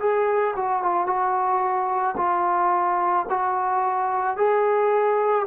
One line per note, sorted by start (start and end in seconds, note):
0.00 0.55 G#4
0.56 0.83 F#4
0.83 1.07 F4
1.07 2.16 F#4
2.17 3.26 F4
3.30 4.37 F#4
4.37 5.46 G#4